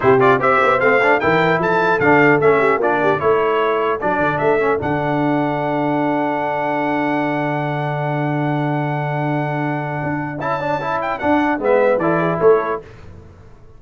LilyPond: <<
  \new Staff \with { instrumentName = "trumpet" } { \time 4/4 \tempo 4 = 150 c''8 d''8 e''4 f''4 g''4 | a''4 f''4 e''4 d''4 | cis''2 d''4 e''4 | fis''1~ |
fis''1~ | fis''1~ | fis''2 a''4. g''8 | fis''4 e''4 d''4 cis''4 | }
  \new Staff \with { instrumentName = "horn" } { \time 4/4 g'4 c''2 ais'4 | a'2~ a'8 g'8 f'8 g'8 | a'1~ | a'1~ |
a'1~ | a'1~ | a'1~ | a'4 b'4 a'8 gis'8 a'4 | }
  \new Staff \with { instrumentName = "trombone" } { \time 4/4 e'8 f'8 g'4 c'8 d'8 e'4~ | e'4 d'4 cis'4 d'4 | e'2 d'4. cis'8 | d'1~ |
d'1~ | d'1~ | d'2 e'8 d'8 e'4 | d'4 b4 e'2 | }
  \new Staff \with { instrumentName = "tuba" } { \time 4/4 c4 c'8 b8 a4 e4 | f4 d4 a4 ais4 | a2 fis8 d8 a4 | d1~ |
d1~ | d1~ | d4 d'4 cis'2 | d'4 gis4 e4 a4 | }
>>